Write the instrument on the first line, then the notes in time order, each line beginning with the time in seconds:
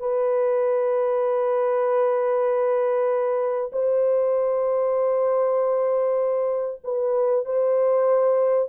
horn
0.00 B4
3.73 C5
6.84 B4
7.45 C5